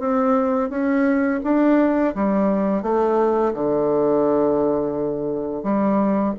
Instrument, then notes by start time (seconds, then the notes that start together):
bassoon
0.00 C4
0.70 C#4
1.44 D4
2.15 G3
2.82 A3
3.54 D3
5.63 G3